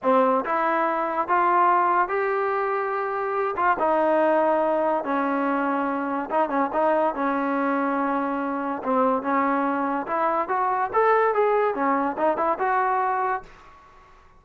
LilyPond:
\new Staff \with { instrumentName = "trombone" } { \time 4/4 \tempo 4 = 143 c'4 e'2 f'4~ | f'4 g'2.~ | g'8 f'8 dis'2. | cis'2. dis'8 cis'8 |
dis'4 cis'2.~ | cis'4 c'4 cis'2 | e'4 fis'4 a'4 gis'4 | cis'4 dis'8 e'8 fis'2 | }